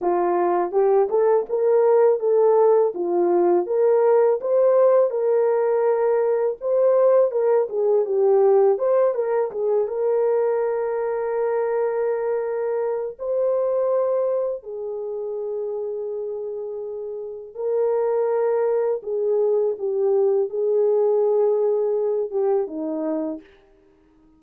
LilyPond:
\new Staff \with { instrumentName = "horn" } { \time 4/4 \tempo 4 = 82 f'4 g'8 a'8 ais'4 a'4 | f'4 ais'4 c''4 ais'4~ | ais'4 c''4 ais'8 gis'8 g'4 | c''8 ais'8 gis'8 ais'2~ ais'8~ |
ais'2 c''2 | gis'1 | ais'2 gis'4 g'4 | gis'2~ gis'8 g'8 dis'4 | }